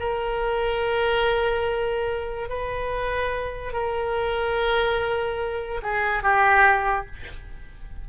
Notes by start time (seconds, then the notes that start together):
0.00 A#4
2.50 B4
3.73 A#4
5.83 G#4
6.23 G4